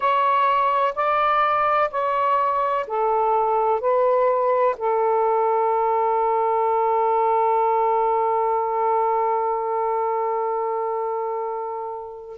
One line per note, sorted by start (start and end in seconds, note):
0.00 0.94 C#5
0.95 1.90 D5
1.90 2.86 C#5
2.87 3.80 A4
3.80 4.75 B4
4.77 12.38 A4